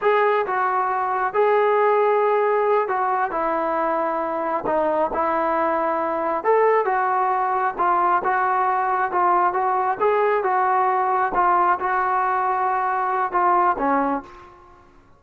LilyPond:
\new Staff \with { instrumentName = "trombone" } { \time 4/4 \tempo 4 = 135 gis'4 fis'2 gis'4~ | gis'2~ gis'8 fis'4 e'8~ | e'2~ e'8 dis'4 e'8~ | e'2~ e'8 a'4 fis'8~ |
fis'4. f'4 fis'4.~ | fis'8 f'4 fis'4 gis'4 fis'8~ | fis'4. f'4 fis'4.~ | fis'2 f'4 cis'4 | }